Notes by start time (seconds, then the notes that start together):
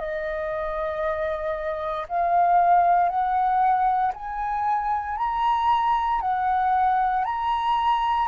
0.00 D#5
2.09 F5
3.09 F#5
4.14 G#5
5.18 A#5
6.21 F#5
7.25 A#5